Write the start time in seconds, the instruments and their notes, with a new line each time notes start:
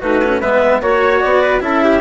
0.00 bassoon A3, cello D#4, trumpet F#4, clarinet B4
0.24 cello C#4
0.40 bassoon G#3, cello B3, trumpet B4, clarinet E5
0.81 bassoon A#3, cello F#4, trumpet C#5, clarinet C#5
1.20 bassoon B3, clarinet D5
1.41 trumpet B4
1.60 bassoon C#4, cello E4, trumpet A4, clarinet E5
1.84 trumpet G4